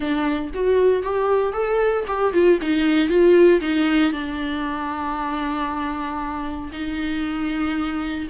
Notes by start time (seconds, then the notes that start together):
0.00 D4
0.54 F#4
1.03 G4
1.53 A4
2.07 G4
2.33 F4
2.61 D#4
3.08 F4
3.60 D#4
4.12 D4
6.72 D#4